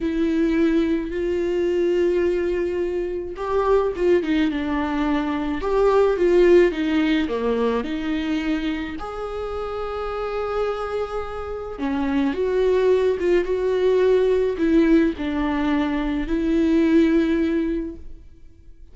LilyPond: \new Staff \with { instrumentName = "viola" } { \time 4/4 \tempo 4 = 107 e'2 f'2~ | f'2 g'4 f'8 dis'8 | d'2 g'4 f'4 | dis'4 ais4 dis'2 |
gis'1~ | gis'4 cis'4 fis'4. f'8 | fis'2 e'4 d'4~ | d'4 e'2. | }